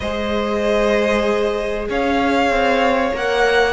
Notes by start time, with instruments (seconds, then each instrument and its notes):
0.00 cello G#3, viola G#4, violin C5 D#5
1.89 cello C#4, violin C#5 F5
2.49 cello C4
3.13 cello A#3, viola A#4, violin F#5